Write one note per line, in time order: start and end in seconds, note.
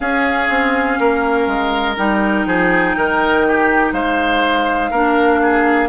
0.00 0.49 C#4
0.00 1.97 C#4
0.00 0.99 G#4
0.00 1.95 F5
0.49 0.98 C4
0.99 1.47 A#3
0.99 2.47 A#4
1.47 1.96 G#3
1.97 2.46 G3
1.97 4.92 D#4
1.97 3.93 G5
2.46 2.95 F3
2.46 2.96 G#4
2.96 3.92 D#3
2.96 3.46 A#4
3.48 3.93 G4
3.92 4.90 G#3
3.92 4.90 C5
3.92 5.89 F5
4.90 5.89 A#3
4.90 5.89 D4
4.90 5.39 A#4
5.42 5.89 G#4